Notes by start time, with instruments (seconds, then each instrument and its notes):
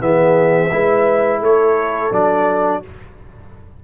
0.00 tuba E3, trombone B3, horn G#4, trumpet E5
0.72 tuba G#3, trombone E4, horn B4
1.41 tuba A3, horn A4, trumpet C#5
2.12 tuba F#3, trombone D4, trumpet D5